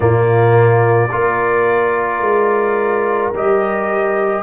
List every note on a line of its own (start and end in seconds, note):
0.00 1.10 A#2
0.00 1.08 A#3
0.00 1.09 F4
0.00 3.32 D5
1.11 2.20 A#3
1.11 3.33 F4
1.11 4.43 A#4
2.20 3.31 G#3
3.33 4.43 G3
3.33 4.43 G4
3.33 4.43 D#5